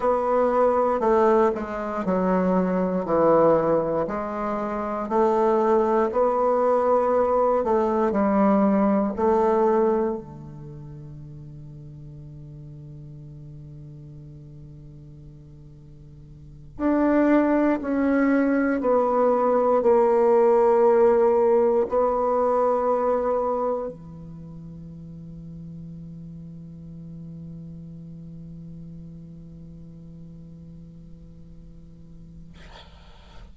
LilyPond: \new Staff \with { instrumentName = "bassoon" } { \time 4/4 \tempo 4 = 59 b4 a8 gis8 fis4 e4 | gis4 a4 b4. a8 | g4 a4 d2~ | d1~ |
d8 d'4 cis'4 b4 ais8~ | ais4. b2 e8~ | e1~ | e1 | }